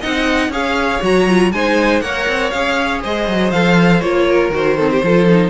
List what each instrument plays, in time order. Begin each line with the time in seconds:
0.00 cello C4, viola D#4, violin D#5 F#5
0.49 cello C#4, viola G#4, violin C#5 F5
1.01 cello F#3, viola F#4, violin A#5
1.28 viola F4
1.52 cello G#3, viola D#4, violin C5 G#5
2.01 cello A#3, viola A#4, violin C#5 F#5
2.28 cello C4
2.51 cello C#4, viola G#4, violin F5
3.02 cello G#3, violin C5 D#5
3.28 cello F#3
3.51 cello F3, viola A4, violin F5
4.01 cello A#3, viola F4, violin C#5
4.29 violin A#4
4.49 cello D#3, viola F#4, violin C5
4.77 viola C4, violin A4
4.90 violin G4
5.03 cello F3, viola F4, violin A4
5.29 viola D#4